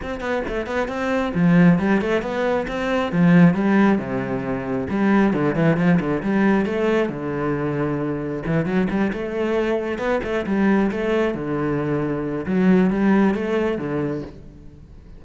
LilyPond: \new Staff \with { instrumentName = "cello" } { \time 4/4 \tempo 4 = 135 c'8 b8 a8 b8 c'4 f4 | g8 a8 b4 c'4 f4 | g4 c2 g4 | d8 e8 f8 d8 g4 a4 |
d2. e8 fis8 | g8 a2 b8 a8 g8~ | g8 a4 d2~ d8 | fis4 g4 a4 d4 | }